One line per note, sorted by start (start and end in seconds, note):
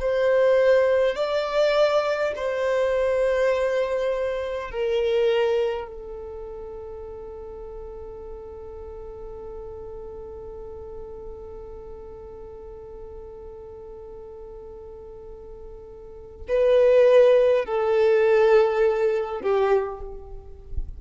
0.00 1.16 C5
1.16 2.33 D5
2.36 4.71 C5
4.71 5.87 A#4
5.87 16.46 A4
16.48 17.65 B4
17.65 19.41 A4
19.42 20.01 G4